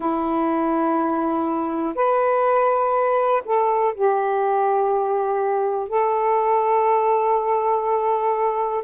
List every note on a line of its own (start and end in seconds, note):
0.00 1.94 E4
1.94 3.42 B4
3.45 3.94 A4
3.94 5.88 G4
5.88 8.83 A4